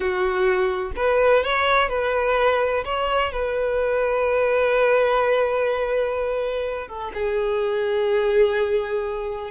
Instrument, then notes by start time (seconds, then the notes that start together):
violin
0.00 F#4
0.96 B4
1.43 C#5
1.89 B4
2.84 C#5
3.32 B4
6.87 A4
7.14 G#4